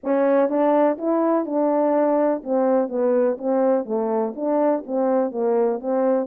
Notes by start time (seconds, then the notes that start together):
0.03 C#4
0.49 D4
0.98 E4
1.45 D4
2.43 C4
2.88 B3
3.38 C4
3.85 A3
4.35 D4
4.86 C4
5.31 A#3
5.79 C4